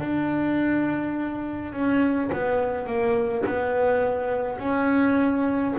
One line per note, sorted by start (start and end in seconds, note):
0.00 1.73 D4
1.73 2.30 C#4
2.33 2.87 B3
2.87 3.45 A#3
3.47 4.59 B3
4.59 5.75 C#4